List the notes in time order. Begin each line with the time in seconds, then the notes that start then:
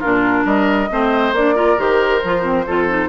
0.00 A#2 D4 F4 A#4
0.45 G3 A#4 D#5
0.90 A3 C4 C5
1.33 A#3 D4 D5
1.55 F4 A#4
1.78 D#3 G4 C5
2.24 F3 F4
2.42 C4
2.66 F2 F4 A4
2.88 D#4